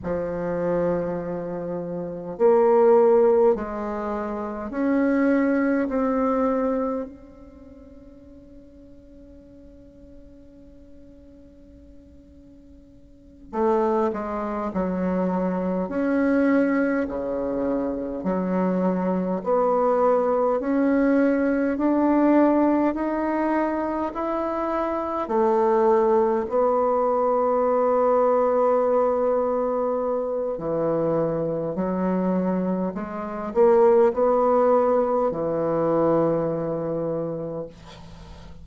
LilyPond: \new Staff \with { instrumentName = "bassoon" } { \time 4/4 \tempo 4 = 51 f2 ais4 gis4 | cis'4 c'4 cis'2~ | cis'2.~ cis'8 a8 | gis8 fis4 cis'4 cis4 fis8~ |
fis8 b4 cis'4 d'4 dis'8~ | dis'8 e'4 a4 b4.~ | b2 e4 fis4 | gis8 ais8 b4 e2 | }